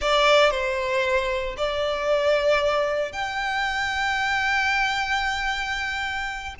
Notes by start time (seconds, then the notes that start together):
0.01 D5
0.50 C5
1.57 D5
3.12 G5